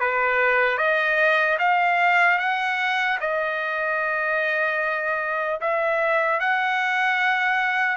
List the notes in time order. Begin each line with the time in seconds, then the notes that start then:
0.00 B4
0.77 D#5
1.59 F5
2.38 F#5
3.20 D#5
5.60 E5
6.40 F#5